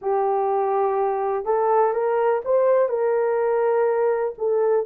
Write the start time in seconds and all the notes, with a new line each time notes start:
0.01 G4
1.45 A4
1.93 A#4
2.45 C5
2.88 A#4
4.38 A4